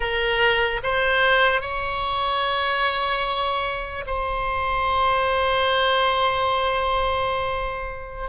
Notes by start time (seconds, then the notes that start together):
0.00 A#4
0.83 C5
1.61 C#5
4.06 C5